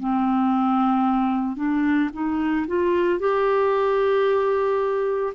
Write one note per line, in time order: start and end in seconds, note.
0.00 1.56 C4
1.56 2.10 D4
2.13 2.66 D#4
2.67 3.19 F4
3.19 5.34 G4